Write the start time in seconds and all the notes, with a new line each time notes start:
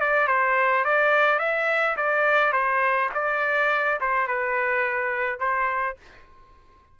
0.00 D5
0.27 C5
0.84 D5
1.39 E5
1.96 D5
2.52 C5
3.14 D5
4.00 C5
4.27 B4
5.39 C5